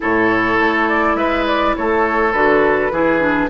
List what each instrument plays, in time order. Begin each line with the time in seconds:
0.00 bassoon A2, clarinet E4, oboe A4, flute C#5
0.59 bassoon A3
0.88 flute D5
1.14 bassoon G#3, oboe B4, flute E5
1.46 flute D5
1.76 bassoon A3, oboe A4, flute C#5
2.32 bassoon D3, clarinet F#4, flute B4
2.91 bassoon E3, clarinet E4, oboe G#4
3.19 clarinet D4